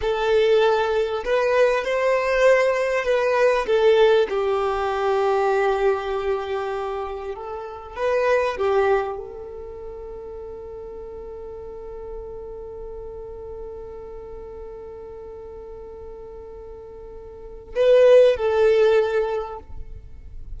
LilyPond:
\new Staff \with { instrumentName = "violin" } { \time 4/4 \tempo 4 = 98 a'2 b'4 c''4~ | c''4 b'4 a'4 g'4~ | g'1 | a'4 b'4 g'4 a'4~ |
a'1~ | a'1~ | a'1~ | a'4 b'4 a'2 | }